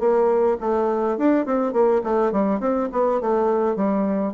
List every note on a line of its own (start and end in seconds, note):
0.00 0.58 A#3
0.61 1.18 A3
1.18 1.46 D4
1.46 1.73 C4
1.73 2.02 A#3
2.04 2.32 A3
2.32 2.60 G3
2.60 2.89 C4
2.92 3.21 B3
3.21 3.77 A3
3.77 4.34 G3